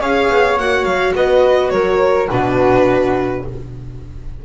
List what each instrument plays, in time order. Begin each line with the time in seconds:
0.00 double bass C#4, viola G#4, flute C#5, violin F5
0.29 double bass B3
0.58 double bass A#3, viola F#4, violin F#5
0.84 double bass F#3, violin F5
1.15 double bass B3, flute B4, violin D#5
1.70 double bass F#3, flute A#4, violin C#5
2.29 double bass B2, viola D4, flute F#4, violin B4